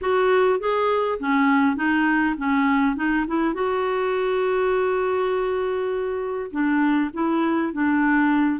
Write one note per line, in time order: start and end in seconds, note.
0.01 0.59 F#4
0.59 1.19 G#4
1.19 1.76 C#4
1.76 2.35 D#4
2.37 2.96 C#4
2.96 3.25 D#4
3.27 3.53 E4
3.53 6.50 F#4
6.50 7.10 D4
7.13 7.73 E4
7.73 8.60 D4